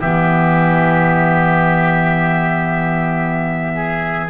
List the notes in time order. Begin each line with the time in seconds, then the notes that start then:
0.00 E3 B3 G4 E5
3.75 G#4